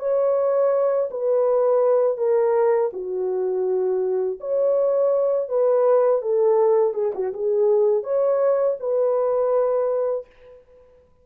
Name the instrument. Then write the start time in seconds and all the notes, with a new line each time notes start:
horn
0.00 C#5
1.11 B4
2.18 A#4
2.93 F#4
4.41 C#5
5.49 B4
6.22 A4
6.94 G#4
7.15 F#4
7.34 G#4
8.04 C#5
8.80 B4